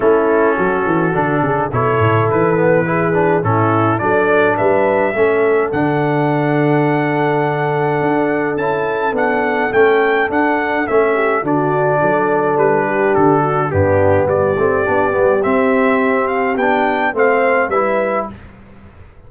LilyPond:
<<
  \new Staff \with { instrumentName = "trumpet" } { \time 4/4 \tempo 4 = 105 a'2. cis''4 | b'2 a'4 d''4 | e''2 fis''2~ | fis''2. a''4 |
fis''4 g''4 fis''4 e''4 | d''2 b'4 a'4 | g'4 d''2 e''4~ | e''8 f''8 g''4 f''4 e''4 | }
  \new Staff \with { instrumentName = "horn" } { \time 4/4 e'4 fis'4. gis'8 a'4~ | a'4 gis'4 e'4 a'4 | b'4 a'2.~ | a'1~ |
a'2.~ a'8 g'8 | fis'4 a'4. g'4 fis'8 | d'4 g'2.~ | g'2 c''4 b'4 | }
  \new Staff \with { instrumentName = "trombone" } { \time 4/4 cis'2 d'4 e'4~ | e'8 b8 e'8 d'8 cis'4 d'4~ | d'4 cis'4 d'2~ | d'2. e'4 |
d'4 cis'4 d'4 cis'4 | d'1 | b4. c'8 d'8 b8 c'4~ | c'4 d'4 c'4 e'4 | }
  \new Staff \with { instrumentName = "tuba" } { \time 4/4 a4 fis8 e8 d8 cis8 b,8 a,8 | e2 a,4 fis4 | g4 a4 d2~ | d2 d'4 cis'4 |
b4 a4 d'4 a4 | d4 fis4 g4 d4 | g,4 g8 a8 b8 g8 c'4~ | c'4 b4 a4 g4 | }
>>